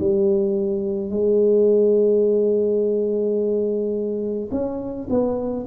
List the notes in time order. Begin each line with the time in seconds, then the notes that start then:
0.00 G3
1.10 G#3
4.51 C#4
5.09 B3